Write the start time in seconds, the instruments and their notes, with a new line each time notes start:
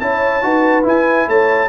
0.00 tuba C#4, trombone E4, horn C#5, trumpet A5
0.42 tuba D#4, trombone F#4, horn B4
0.83 trombone E4, tuba E4, trumpet G#5
1.28 tuba A3, horn C#5, trumpet A5